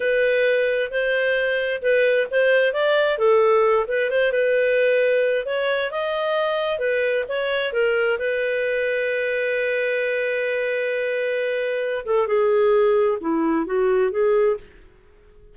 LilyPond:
\new Staff \with { instrumentName = "clarinet" } { \time 4/4 \tempo 4 = 132 b'2 c''2 | b'4 c''4 d''4 a'4~ | a'8 b'8 c''8 b'2~ b'8 | cis''4 dis''2 b'4 |
cis''4 ais'4 b'2~ | b'1~ | b'2~ b'8 a'8 gis'4~ | gis'4 e'4 fis'4 gis'4 | }